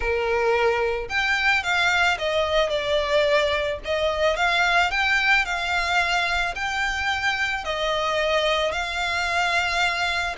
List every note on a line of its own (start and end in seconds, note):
0.00 1.08 A#4
1.08 1.63 G5
1.63 2.17 F5
2.18 2.69 D#5
2.69 3.78 D5
3.84 4.36 D#5
4.36 4.91 F5
4.91 5.45 G5
5.45 6.54 F5
6.55 7.64 G5
7.64 8.71 D#5
8.71 10.35 F5